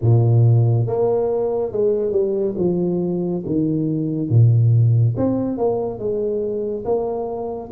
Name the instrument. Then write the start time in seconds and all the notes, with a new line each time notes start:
tuba
0.01 A#2
0.86 A#3
1.71 G#3
2.12 G3
2.57 F3
3.46 D#3
4.29 A#2
5.17 C4
5.57 A#3
5.98 G#3
6.85 A#3